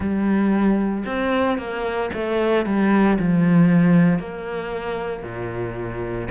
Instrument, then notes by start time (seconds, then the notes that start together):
cello
0.00 G3
1.05 C4
1.57 A#3
2.13 A3
2.65 G3
3.19 F3
4.19 A#3
5.23 A#2